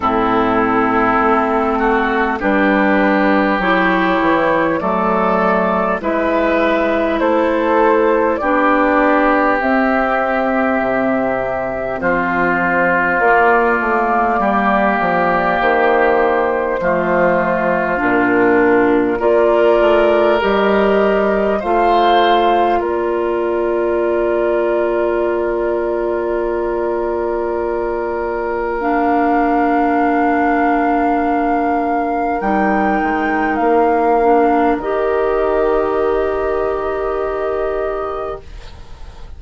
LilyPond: <<
  \new Staff \with { instrumentName = "flute" } { \time 4/4 \tempo 4 = 50 a'2 b'4 cis''4 | d''4 e''4 c''4 d''4 | e''2 c''4 d''4~ | d''4 c''2 ais'4 |
d''4 dis''4 f''4 d''4~ | d''1 | f''2. g''4 | f''4 dis''2. | }
  \new Staff \with { instrumentName = "oboe" } { \time 4/4 e'4. fis'8 g'2 | a'4 b'4 a'4 g'4~ | g'2 f'2 | g'2 f'2 |
ais'2 c''4 ais'4~ | ais'1~ | ais'1~ | ais'1 | }
  \new Staff \with { instrumentName = "clarinet" } { \time 4/4 c'2 d'4 e'4 | a4 e'2 d'4 | c'2. ais4~ | ais2 a4 d'4 |
f'4 g'4 f'2~ | f'1 | d'2. dis'4~ | dis'8 d'8 g'2. | }
  \new Staff \with { instrumentName = "bassoon" } { \time 4/4 a,4 a4 g4 fis8 e8 | fis4 gis4 a4 b4 | c'4 c4 f4 ais8 a8 | g8 f8 dis4 f4 ais,4 |
ais8 a8 g4 a4 ais4~ | ais1~ | ais2. g8 gis8 | ais4 dis2. | }
>>